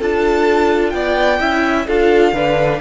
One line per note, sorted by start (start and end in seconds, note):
0.00 0.93 D4
0.00 1.40 F4
0.00 0.94 A4
0.00 0.90 A5
0.90 1.40 B3
0.90 1.41 D5
0.90 1.84 G5
1.40 1.88 C#4
1.40 1.87 E4
1.40 1.88 E5
1.88 2.33 D4
1.88 2.35 F4
1.88 2.33 A4
1.88 2.81 F5
2.33 2.80 D3
2.33 2.81 D4
2.33 2.80 B4